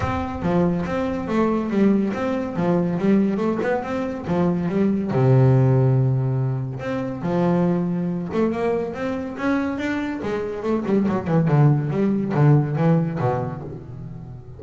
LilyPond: \new Staff \with { instrumentName = "double bass" } { \time 4/4 \tempo 4 = 141 c'4 f4 c'4 a4 | g4 c'4 f4 g4 | a8 b8 c'4 f4 g4 | c1 |
c'4 f2~ f8 a8 | ais4 c'4 cis'4 d'4 | gis4 a8 g8 fis8 e8 d4 | g4 d4 e4 b,4 | }